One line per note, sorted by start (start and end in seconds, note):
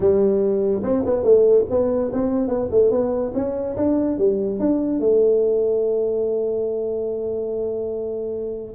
0.00 0.82 G3
0.83 1.04 C4
1.05 1.23 B3
1.23 1.65 A3
1.70 2.11 B3
2.12 2.48 C4
2.48 2.69 B3
2.70 2.91 A3
2.91 3.32 B3
3.34 3.76 C#4
3.76 4.18 D4
4.18 4.59 G3
4.59 4.99 D4
4.99 8.74 A3